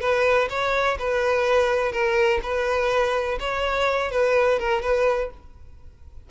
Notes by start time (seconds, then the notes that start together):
0.00 B4
0.49 C#5
0.98 B4
1.92 A#4
2.42 B4
3.39 C#5
4.11 B4
4.59 A#4
4.82 B4